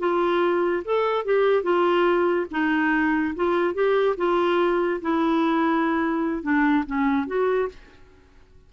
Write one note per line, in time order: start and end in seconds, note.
0.00 0.83 F4
0.85 1.25 A4
1.25 1.63 G4
1.63 2.47 F4
2.52 3.35 D#4
3.36 3.74 F4
3.74 4.16 G4
4.18 5.01 F4
5.02 6.43 E4
6.43 6.85 D4
6.87 7.27 C#4
7.27 7.69 F#4